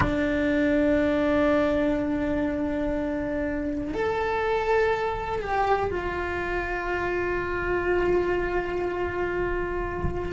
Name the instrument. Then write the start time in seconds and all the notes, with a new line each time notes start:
cello
0.00 D4
3.93 A4
5.41 G4
5.90 F4